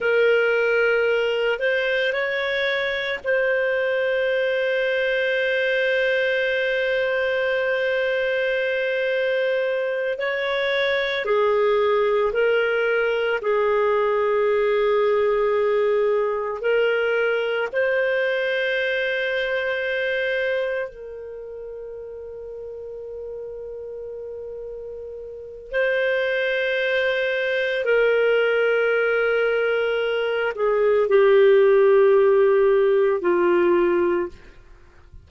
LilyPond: \new Staff \with { instrumentName = "clarinet" } { \time 4/4 \tempo 4 = 56 ais'4. c''8 cis''4 c''4~ | c''1~ | c''4. cis''4 gis'4 ais'8~ | ais'8 gis'2. ais'8~ |
ais'8 c''2. ais'8~ | ais'1 | c''2 ais'2~ | ais'8 gis'8 g'2 f'4 | }